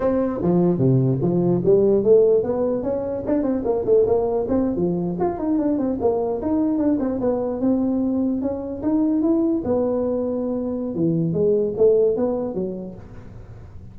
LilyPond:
\new Staff \with { instrumentName = "tuba" } { \time 4/4 \tempo 4 = 148 c'4 f4 c4 f4 | g4 a4 b4 cis'4 | d'8 c'8 ais8 a8 ais4 c'8. f16~ | f8. f'8 dis'8 d'8 c'8 ais4 dis'16~ |
dis'8. d'8 c'8 b4 c'4~ c'16~ | c'8. cis'4 dis'4 e'4 b16~ | b2. e4 | gis4 a4 b4 fis4 | }